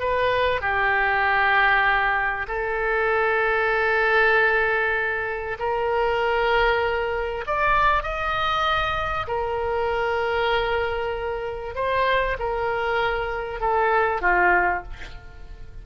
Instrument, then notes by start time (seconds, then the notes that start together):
oboe
0.00 B4
0.62 G4
2.48 A4
5.59 A#4
7.47 D5
8.03 D#5
9.28 A#4
11.76 C5
12.39 A#4
13.61 A4
14.22 F4